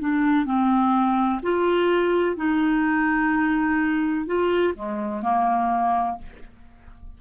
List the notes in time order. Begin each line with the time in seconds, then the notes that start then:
0.00 D4
0.45 C4
1.42 F4
2.36 D#4
4.26 F4
4.75 G#3
5.23 A#3